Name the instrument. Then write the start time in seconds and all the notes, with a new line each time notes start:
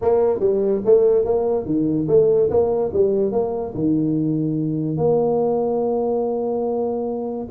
tuba
0.01 A#3
0.39 G3
0.85 A3
1.24 A#3
1.65 D#3
2.08 A3
2.50 A#3
2.93 G3
3.32 A#3
3.74 D#3
4.97 A#3